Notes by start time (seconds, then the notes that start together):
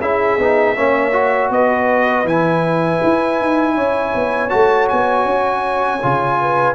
0.00 C#4 E4 G#4 E5
0.39 B3 D#4
0.76 A#3 C#4 C#5
1.12 F#4
1.50 B3 B4 D#5
2.24 E3 E4 G#5
3.03 E4
3.40 D#4
3.75 C#4 C#5
4.15 B3
4.50 A3 F#4 A5
4.89 B3 G#5
5.25 C#4
6.02 C#3 F4
6.40 B4